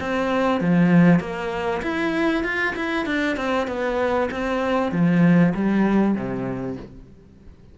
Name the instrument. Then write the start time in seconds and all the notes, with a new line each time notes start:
cello
0.00 C4
0.60 F3
1.19 A#3
1.82 E4
2.43 F4
2.76 E4
3.06 D4
3.36 C4
3.67 B3
4.31 C4
4.91 F3
5.54 G3
6.15 C3